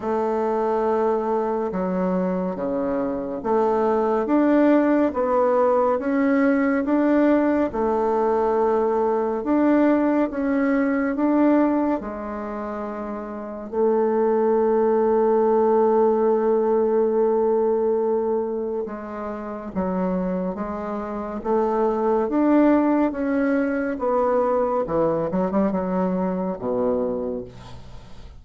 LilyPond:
\new Staff \with { instrumentName = "bassoon" } { \time 4/4 \tempo 4 = 70 a2 fis4 cis4 | a4 d'4 b4 cis'4 | d'4 a2 d'4 | cis'4 d'4 gis2 |
a1~ | a2 gis4 fis4 | gis4 a4 d'4 cis'4 | b4 e8 fis16 g16 fis4 b,4 | }